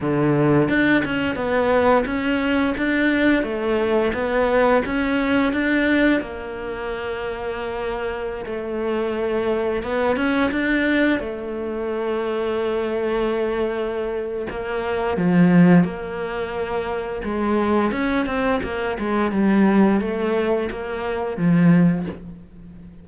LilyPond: \new Staff \with { instrumentName = "cello" } { \time 4/4 \tempo 4 = 87 d4 d'8 cis'8 b4 cis'4 | d'4 a4 b4 cis'4 | d'4 ais2.~ | ais16 a2 b8 cis'8 d'8.~ |
d'16 a2.~ a8.~ | a4 ais4 f4 ais4~ | ais4 gis4 cis'8 c'8 ais8 gis8 | g4 a4 ais4 f4 | }